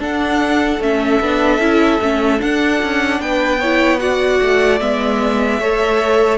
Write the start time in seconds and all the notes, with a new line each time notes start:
0.00 D4 A4 F#5
0.80 A3 C#4 E5
1.20 B3 D4
1.59 C#4 E4
2.02 A3 C#4
2.39 D4 F#5
2.83 C#4
3.21 B3 B4 G5
3.60 E4 C#5
3.98 F#4 D5 F#5
4.42 A3
4.80 G#3 B3 E5
5.60 A3 A4 C#5